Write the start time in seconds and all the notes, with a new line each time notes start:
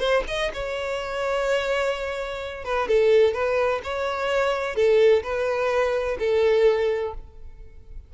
0.00 C5
0.28 D#5
0.54 C#5
2.65 B4
2.89 A4
3.34 B4
3.84 C#5
4.76 A4
5.24 B4
6.20 A4